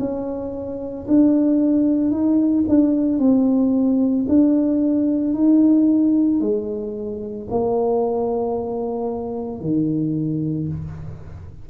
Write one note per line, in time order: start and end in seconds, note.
0.00 1.07 C#4
1.08 2.11 D4
2.11 2.65 D#4
2.69 3.19 D4
3.19 4.27 C4
4.29 5.34 D4
5.34 6.41 D#4
6.41 7.48 G#3
7.51 9.61 A#3
9.61 10.69 D#3